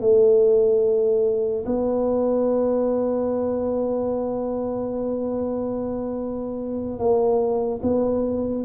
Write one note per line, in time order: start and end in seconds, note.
0.00 1.64 A3
1.66 6.99 B3
6.99 7.81 A#3
7.82 8.64 B3